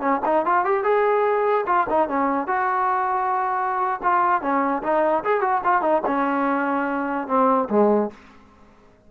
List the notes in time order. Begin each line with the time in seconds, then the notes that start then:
0.00 C#4
0.25 D#4
0.45 F4
0.65 G4
0.83 G#4
1.66 F4
1.89 D#4
2.08 C#4
2.47 F#4
4.03 F4
4.41 C#4
4.83 D#4
5.24 G#4
5.41 F#4
5.64 F4
5.81 D#4
6.06 C#4
7.27 C4
7.69 G#3